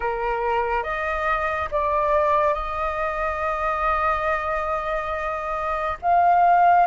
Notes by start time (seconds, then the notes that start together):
0.00 A#4
0.83 D#5
1.71 D5
2.54 D#5
6.02 F5